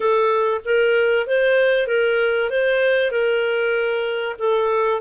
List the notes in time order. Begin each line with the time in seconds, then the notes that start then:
0.00 A4
0.64 A#4
1.26 C5
1.87 A#4
2.50 C5
3.11 A#4
4.38 A4